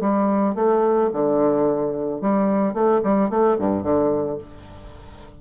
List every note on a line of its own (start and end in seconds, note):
0.00 0.55 G3
0.55 1.10 A3
1.13 2.21 D3
2.21 2.74 G3
2.74 3.01 A3
3.04 3.30 G3
3.30 3.58 A3
3.59 3.83 G2
3.83 4.38 D3